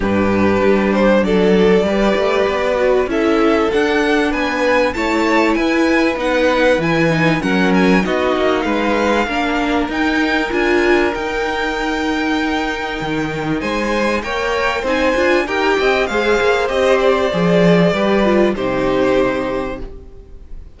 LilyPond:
<<
  \new Staff \with { instrumentName = "violin" } { \time 4/4 \tempo 4 = 97 b'4. c''8 d''2~ | d''4 e''4 fis''4 gis''4 | a''4 gis''4 fis''4 gis''4 | fis''8 gis''8 dis''4 f''2 |
g''4 gis''4 g''2~ | g''2 gis''4 g''4 | gis''4 g''4 f''4 dis''8 d''8~ | d''2 c''2 | }
  \new Staff \with { instrumentName = "violin" } { \time 4/4 g'2 a'4 b'4~ | b'4 a'2 b'4 | cis''4 b'2. | ais'4 fis'4 b'4 ais'4~ |
ais'1~ | ais'2 c''4 cis''4 | c''4 ais'8 dis''8 c''2~ | c''4 b'4 g'2 | }
  \new Staff \with { instrumentName = "viola" } { \time 4/4 d'2. g'4~ | g'8 fis'8 e'4 d'2 | e'2 dis'4 e'8 dis'8 | cis'4 dis'2 d'4 |
dis'4 f'4 dis'2~ | dis'2. ais'4 | dis'8 f'8 g'4 gis'4 g'4 | gis'4 g'8 f'8 dis'2 | }
  \new Staff \with { instrumentName = "cello" } { \time 4/4 g,4 g4 fis4 g8 a8 | b4 cis'4 d'4 b4 | a4 e'4 b4 e4 | fis4 b8 ais8 gis4 ais4 |
dis'4 d'4 dis'2~ | dis'4 dis4 gis4 ais4 | c'8 d'8 dis'8 c'8 gis8 ais8 c'4 | f4 g4 c2 | }
>>